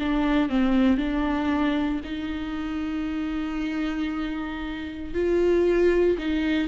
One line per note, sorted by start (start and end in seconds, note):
0.00 0.50 D4
0.50 0.98 C4
0.98 2.01 D4
2.05 5.14 D#4
5.14 6.18 F4
6.18 6.68 D#4